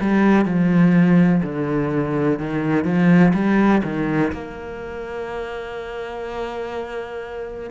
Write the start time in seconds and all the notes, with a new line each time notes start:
0.00 G3
0.45 F3
1.43 D3
2.39 D#3
2.84 F3
3.33 G3
3.84 D#3
4.32 A#3